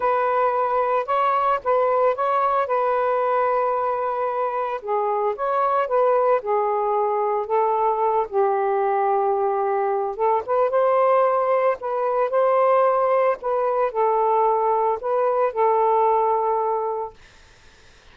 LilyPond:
\new Staff \with { instrumentName = "saxophone" } { \time 4/4 \tempo 4 = 112 b'2 cis''4 b'4 | cis''4 b'2.~ | b'4 gis'4 cis''4 b'4 | gis'2 a'4. g'8~ |
g'2. a'8 b'8 | c''2 b'4 c''4~ | c''4 b'4 a'2 | b'4 a'2. | }